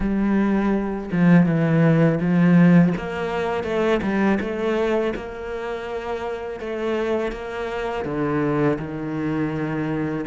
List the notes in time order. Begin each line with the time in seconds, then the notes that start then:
0.00 G3
1.12 F3
1.46 E3
2.20 F3
2.97 A#3
3.63 A3
4.02 G3
4.40 A3
5.15 A#3
6.60 A3
7.31 A#3
8.05 D3
8.78 D#3